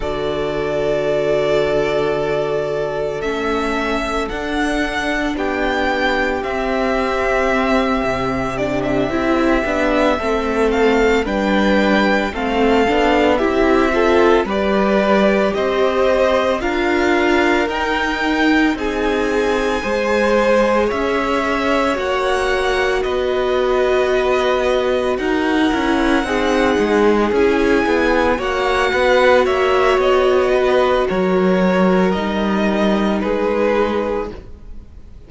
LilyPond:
<<
  \new Staff \with { instrumentName = "violin" } { \time 4/4 \tempo 4 = 56 d''2. e''4 | fis''4 g''4 e''2 | d''16 e''4.~ e''16 f''8 g''4 f''8~ | f''8 e''4 d''4 dis''4 f''8~ |
f''8 g''4 gis''2 e''8~ | e''8 fis''4 dis''2 fis''8~ | fis''4. gis''4 fis''4 e''8 | dis''4 cis''4 dis''4 b'4 | }
  \new Staff \with { instrumentName = "violin" } { \time 4/4 a'1~ | a'4 g'2.~ | g'4. a'4 b'4 a'8~ | a'8 g'8 a'8 b'4 c''4 ais'8~ |
ais'4. gis'4 c''4 cis''8~ | cis''4. b'2 ais'8~ | ais'8 gis'2 cis''8 b'8 cis''8~ | cis''8 b'8 ais'2 gis'4 | }
  \new Staff \with { instrumentName = "viola" } { \time 4/4 fis'2. cis'4 | d'2 c'2 | d'8 e'8 d'8 c'4 d'4 c'8 | d'8 e'8 f'8 g'2 f'8~ |
f'8 dis'2 gis'4.~ | gis'8 fis'2.~ fis'8 | e'8 dis'4 e'4 fis'4.~ | fis'2 dis'2 | }
  \new Staff \with { instrumentName = "cello" } { \time 4/4 d2. a4 | d'4 b4 c'4. c8~ | c8 c'8 b8 a4 g4 a8 | b8 c'4 g4 c'4 d'8~ |
d'8 dis'4 c'4 gis4 cis'8~ | cis'8 ais4 b2 dis'8 | cis'8 c'8 gis8 cis'8 b8 ais8 b8 ais8 | b4 fis4 g4 gis4 | }
>>